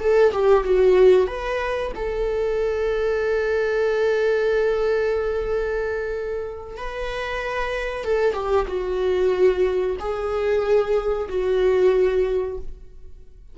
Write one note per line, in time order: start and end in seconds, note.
0.00 0.32 A4
0.32 0.64 G4
0.64 1.27 F#4
1.27 1.91 B4
1.95 6.77 A4
6.77 8.04 B4
8.04 8.33 A4
8.33 8.66 G4
8.67 9.96 F#4
9.99 11.28 G#4
11.28 12.57 F#4